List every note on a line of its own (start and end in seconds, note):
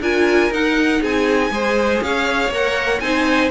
0.00 0.50 D4
0.00 0.52 F4
0.00 1.01 A#4
0.00 0.53 G#5
0.51 1.01 D#4
0.51 1.52 D#4
0.51 1.03 F#5
1.01 1.51 C4
1.01 1.51 G#4
1.01 2.03 G#5
1.51 2.01 G#3
1.51 2.52 G#4
1.51 2.03 C5
2.02 2.49 C#4
2.02 3.02 C#5
2.02 2.53 F5
2.49 2.99 A#3
2.49 3.02 A#4
2.49 3.00 F#5
3.00 3.50 C4
3.00 3.50 D#4
3.00 3.50 C5
3.00 3.50 G#5